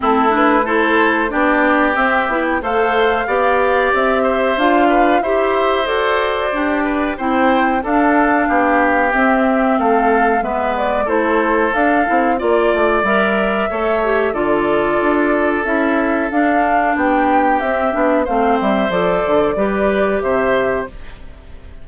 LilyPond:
<<
  \new Staff \with { instrumentName = "flute" } { \time 4/4 \tempo 4 = 92 a'8 b'8 c''4 d''4 e''8. g''16 | f''2 e''4 f''4 | e''4 d''2 g''4 | f''2 e''4 f''4 |
e''8 d''8 c''4 f''4 d''4 | e''2 d''2 | e''4 f''4 g''4 e''4 | f''8 e''8 d''2 e''4 | }
  \new Staff \with { instrumentName = "oboe" } { \time 4/4 e'4 a'4 g'2 | c''4 d''4. c''4 b'8 | c''2~ c''8 b'8 c''4 | a'4 g'2 a'4 |
b'4 a'2 d''4~ | d''4 cis''4 a'2~ | a'2 g'2 | c''2 b'4 c''4 | }
  \new Staff \with { instrumentName = "clarinet" } { \time 4/4 c'8 d'8 e'4 d'4 c'8 e'8 | a'4 g'2 f'4 | g'4 a'4 d'4 e'4 | d'2 c'2 |
b4 e'4 d'8 e'8 f'4 | ais'4 a'8 g'8 f'2 | e'4 d'2 c'8 d'8 | c'4 a'4 g'2 | }
  \new Staff \with { instrumentName = "bassoon" } { \time 4/4 a2 b4 c'8 b8 | a4 b4 c'4 d'4 | e'4 fis'4 g'4 c'4 | d'4 b4 c'4 a4 |
gis4 a4 d'8 c'8 ais8 a8 | g4 a4 d4 d'4 | cis'4 d'4 b4 c'8 b8 | a8 g8 f8 d8 g4 c4 | }
>>